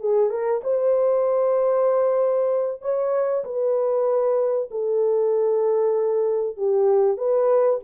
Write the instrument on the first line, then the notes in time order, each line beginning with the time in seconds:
horn
0.00 G#4
0.30 A#4
0.64 C5
2.82 C#5
3.44 B4
4.71 A4
6.57 G4
7.17 B4